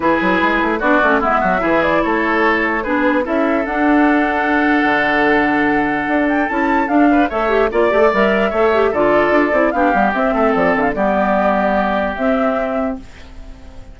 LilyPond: <<
  \new Staff \with { instrumentName = "flute" } { \time 4/4 \tempo 4 = 148 b'2 d''4 e''4~ | e''8 d''8 cis''2 b'4 | e''4 fis''2.~ | fis''2.~ fis''8 g''8 |
a''4 f''4 e''4 d''4 | e''2 d''2 | f''4 e''4 d''8 e''16 f''16 d''4~ | d''2 e''2 | }
  \new Staff \with { instrumentName = "oboe" } { \time 4/4 gis'2 fis'4 e'8 fis'8 | gis'4 a'2 gis'4 | a'1~ | a'1~ |
a'4. b'8 cis''4 d''4~ | d''4 cis''4 a'2 | g'4. a'4. g'4~ | g'1 | }
  \new Staff \with { instrumentName = "clarinet" } { \time 4/4 e'2 d'8 cis'8 b4 | e'2. d'4 | e'4 d'2.~ | d'1 |
e'4 d'4 a'8 g'8 f'8 g'16 a'16 | ais'4 a'8 g'8 f'4. e'8 | d'8 b8 c'2 b4~ | b2 c'2 | }
  \new Staff \with { instrumentName = "bassoon" } { \time 4/4 e8 fis8 gis8 a8 b8 a8 gis8 fis8 | e4 a2 b4 | cis'4 d'2. | d2. d'4 |
cis'4 d'4 a4 ais8 a8 | g4 a4 d4 d'8 c'8 | b8 g8 c'8 a8 f8 d8 g4~ | g2 c'2 | }
>>